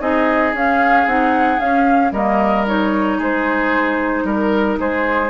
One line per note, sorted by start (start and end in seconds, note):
0.00 0.53 C4
0.00 0.53 D#4
0.00 2.13 G#4
0.00 0.54 D#5
0.53 1.06 C#4
0.53 1.07 C#4
0.53 1.07 F5
1.06 1.59 C4
1.06 1.58 D#4
1.06 1.59 F#5
1.58 2.11 C#4
1.58 2.12 F5
2.11 3.18 G3
2.11 2.66 A#3
2.11 3.18 A#4
2.11 2.66 D#5
2.66 5.30 D#4
2.66 3.21 C#5
3.18 4.24 G#3
3.18 4.24 G#4
3.18 4.26 C5
4.24 4.77 G3
4.24 4.78 A#4
4.24 4.79 A#4
4.79 5.30 G#3
4.79 5.30 G#4
4.79 5.30 C5